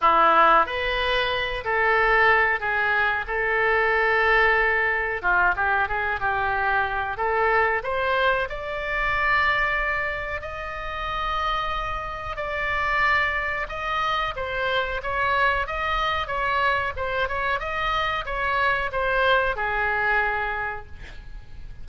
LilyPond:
\new Staff \with { instrumentName = "oboe" } { \time 4/4 \tempo 4 = 92 e'4 b'4. a'4. | gis'4 a'2. | f'8 g'8 gis'8 g'4. a'4 | c''4 d''2. |
dis''2. d''4~ | d''4 dis''4 c''4 cis''4 | dis''4 cis''4 c''8 cis''8 dis''4 | cis''4 c''4 gis'2 | }